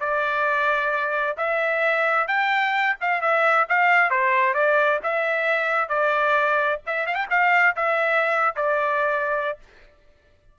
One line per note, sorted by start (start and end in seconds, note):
0.00 1.36 D5
1.37 2.27 E5
2.27 2.96 G5
3.01 3.21 F5
3.21 3.67 E5
3.69 4.10 F5
4.10 4.54 C5
4.54 5.00 D5
5.03 5.89 E5
5.89 6.80 D5
6.86 7.06 E5
7.06 7.15 F5
7.15 7.26 G5
7.30 7.75 F5
7.76 8.56 E5
8.56 9.58 D5